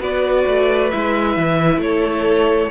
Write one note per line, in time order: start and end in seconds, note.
0.00 0.45 B3
0.00 0.91 F#4
0.00 1.82 B4
0.00 0.91 D5
0.47 0.93 A3
0.91 1.37 G#3
0.91 2.71 E4
0.91 1.81 E5
1.37 1.78 E3
1.78 2.69 A3
1.78 2.71 C#5
1.84 2.71 A4